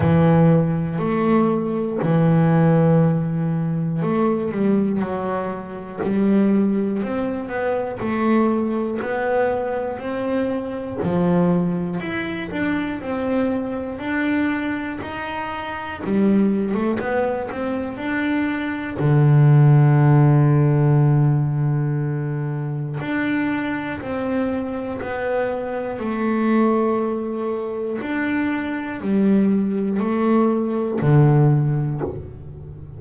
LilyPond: \new Staff \with { instrumentName = "double bass" } { \time 4/4 \tempo 4 = 60 e4 a4 e2 | a8 g8 fis4 g4 c'8 b8 | a4 b4 c'4 f4 | e'8 d'8 c'4 d'4 dis'4 |
g8. a16 b8 c'8 d'4 d4~ | d2. d'4 | c'4 b4 a2 | d'4 g4 a4 d4 | }